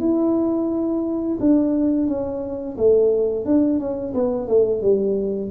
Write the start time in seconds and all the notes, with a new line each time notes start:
0.00 E4
1.40 D4
2.08 C#4
2.77 A3
3.45 D4
3.80 C#4
4.14 B3
4.48 A3
4.82 G3